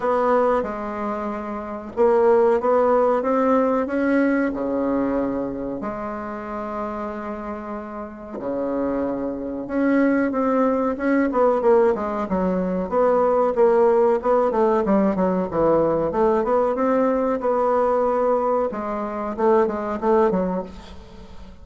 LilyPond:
\new Staff \with { instrumentName = "bassoon" } { \time 4/4 \tempo 4 = 93 b4 gis2 ais4 | b4 c'4 cis'4 cis4~ | cis4 gis2.~ | gis4 cis2 cis'4 |
c'4 cis'8 b8 ais8 gis8 fis4 | b4 ais4 b8 a8 g8 fis8 | e4 a8 b8 c'4 b4~ | b4 gis4 a8 gis8 a8 fis8 | }